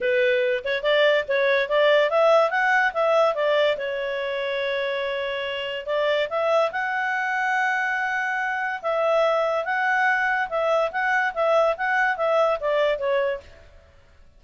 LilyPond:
\new Staff \with { instrumentName = "clarinet" } { \time 4/4 \tempo 4 = 143 b'4. cis''8 d''4 cis''4 | d''4 e''4 fis''4 e''4 | d''4 cis''2.~ | cis''2 d''4 e''4 |
fis''1~ | fis''4 e''2 fis''4~ | fis''4 e''4 fis''4 e''4 | fis''4 e''4 d''4 cis''4 | }